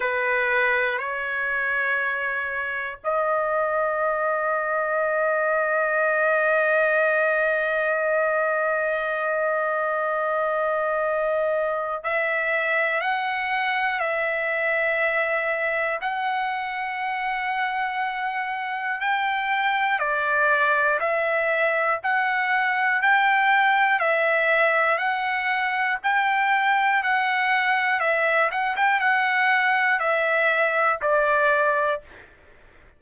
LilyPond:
\new Staff \with { instrumentName = "trumpet" } { \time 4/4 \tempo 4 = 60 b'4 cis''2 dis''4~ | dis''1~ | dis''1 | e''4 fis''4 e''2 |
fis''2. g''4 | d''4 e''4 fis''4 g''4 | e''4 fis''4 g''4 fis''4 | e''8 fis''16 g''16 fis''4 e''4 d''4 | }